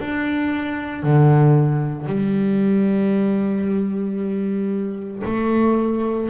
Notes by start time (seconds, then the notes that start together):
0.00 D4
1.03 D3
2.07 G3
5.25 A3